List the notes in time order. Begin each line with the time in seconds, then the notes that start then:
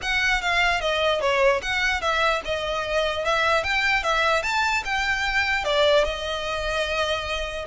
0.02 F#5
0.41 F5
0.81 D#5
1.20 C#5
1.62 F#5
2.01 E5
2.44 D#5
3.24 E5
3.63 G5
4.03 E5
4.43 A5
4.84 G5
5.64 D5
6.04 D#5